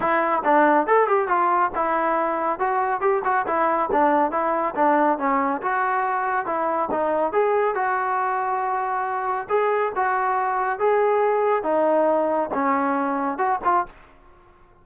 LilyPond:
\new Staff \with { instrumentName = "trombone" } { \time 4/4 \tempo 4 = 139 e'4 d'4 a'8 g'8 f'4 | e'2 fis'4 g'8 fis'8 | e'4 d'4 e'4 d'4 | cis'4 fis'2 e'4 |
dis'4 gis'4 fis'2~ | fis'2 gis'4 fis'4~ | fis'4 gis'2 dis'4~ | dis'4 cis'2 fis'8 f'8 | }